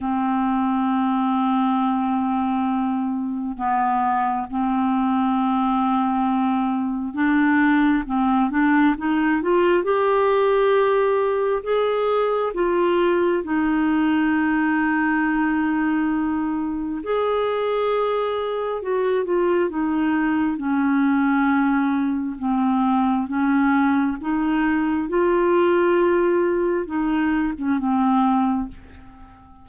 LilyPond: \new Staff \with { instrumentName = "clarinet" } { \time 4/4 \tempo 4 = 67 c'1 | b4 c'2. | d'4 c'8 d'8 dis'8 f'8 g'4~ | g'4 gis'4 f'4 dis'4~ |
dis'2. gis'4~ | gis'4 fis'8 f'8 dis'4 cis'4~ | cis'4 c'4 cis'4 dis'4 | f'2 dis'8. cis'16 c'4 | }